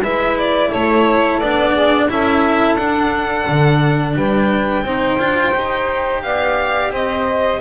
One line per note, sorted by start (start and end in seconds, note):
0.00 0.69 G#3
0.00 1.42 E4
0.00 0.70 B4
0.00 0.38 E5
0.39 0.73 D5
0.70 1.39 A3
0.70 1.73 A4
0.70 1.40 C#5
1.39 2.08 B3
1.39 2.09 D4
1.39 2.08 D5
1.73 2.07 G#4
2.09 2.76 C#4
2.09 2.78 E4
2.09 4.16 A4
2.09 2.76 E5
2.76 3.45 D4
2.76 4.86 D4
2.76 4.14 F#5
3.49 4.16 D3
4.16 4.83 G3
4.16 4.85 B4
4.16 6.23 G5
4.83 5.17 C4
4.83 5.19 D#4
4.83 6.23 C5
5.19 5.53 D4
5.19 5.54 F4
5.55 6.24 D#4
5.55 7.61 G4
6.23 6.92 B3
6.23 6.92 D5
6.23 6.92 F5
6.92 7.60 C4
6.92 7.61 C5
6.92 7.61 D#5